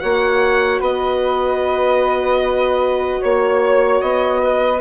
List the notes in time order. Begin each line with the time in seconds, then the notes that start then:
0.00 A#3 F#4 C#5 F#5
0.80 B3 B4 D#5
3.21 A#3 C#5
4.02 B3 D#5
4.43 B4